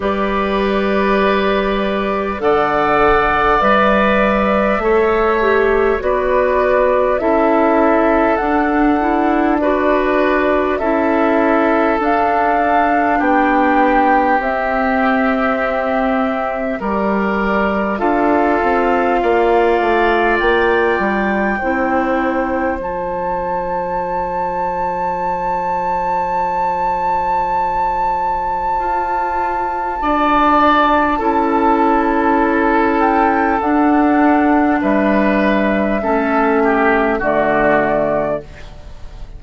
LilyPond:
<<
  \new Staff \with { instrumentName = "flute" } { \time 4/4 \tempo 4 = 50 d''2 fis''4 e''4~ | e''4 d''4 e''4 fis''4 | d''4 e''4 f''4 g''4 | e''2 d''4 f''4~ |
f''4 g''2 a''4~ | a''1~ | a''2.~ a''8 g''8 | fis''4 e''2 d''4 | }
  \new Staff \with { instrumentName = "oboe" } { \time 4/4 b'2 d''2 | cis''4 b'4 a'2 | b'4 a'2 g'4~ | g'2 ais'4 a'4 |
d''2 c''2~ | c''1~ | c''4 d''4 a'2~ | a'4 b'4 a'8 g'8 fis'4 | }
  \new Staff \with { instrumentName = "clarinet" } { \time 4/4 g'2 a'4 b'4 | a'8 g'8 fis'4 e'4 d'8 e'8 | fis'4 e'4 d'2 | c'2 g'4 f'4~ |
f'2 e'4 f'4~ | f'1~ | f'2 e'2 | d'2 cis'4 a4 | }
  \new Staff \with { instrumentName = "bassoon" } { \time 4/4 g2 d4 g4 | a4 b4 cis'4 d'4~ | d'4 cis'4 d'4 b4 | c'2 g4 d'8 c'8 |
ais8 a8 ais8 g8 c'4 f4~ | f1 | f'4 d'4 cis'2 | d'4 g4 a4 d4 | }
>>